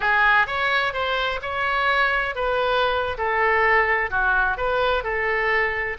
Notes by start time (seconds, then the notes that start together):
0.00 G#4
0.46 C#5
0.93 C5
1.41 C#5
2.35 B4
3.17 A4
4.10 F#4
4.57 B4
5.03 A4